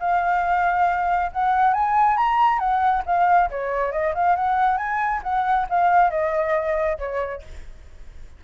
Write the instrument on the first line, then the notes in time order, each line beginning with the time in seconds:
flute
0.00 F5
1.32 F#5
1.73 G#5
2.17 A#5
2.59 F#5
3.06 F5
3.50 C#5
3.92 D#5
4.15 F5
4.36 F#5
4.78 G#5
5.23 F#5
5.69 F5
6.10 D#5
6.98 C#5